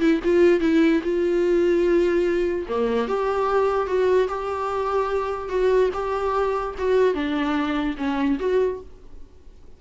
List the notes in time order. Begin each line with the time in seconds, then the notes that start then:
0.00 E4
0.24 F4
0.60 E4
1.03 F4
2.69 A#3
3.08 G4
3.87 F#4
4.28 G4
5.49 F#4
5.94 G4
6.78 F#4
7.14 D4
7.98 C#4
8.39 F#4